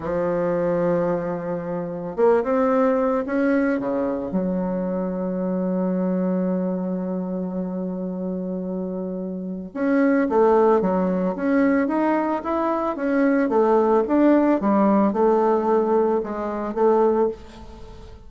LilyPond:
\new Staff \with { instrumentName = "bassoon" } { \time 4/4 \tempo 4 = 111 f1 | ais8 c'4. cis'4 cis4 | fis1~ | fis1~ |
fis2 cis'4 a4 | fis4 cis'4 dis'4 e'4 | cis'4 a4 d'4 g4 | a2 gis4 a4 | }